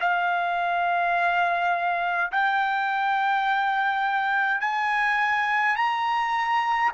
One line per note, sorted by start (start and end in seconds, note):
0.00 2.31 F5
2.31 4.61 G5
4.61 5.76 G#5
5.76 6.91 A#5